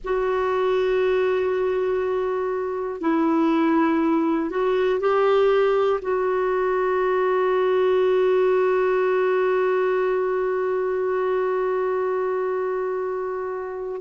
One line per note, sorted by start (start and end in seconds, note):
0.04 3.00 F#4
3.00 4.50 E4
4.50 5.00 F#4
5.00 6.00 G4
6.01 14.01 F#4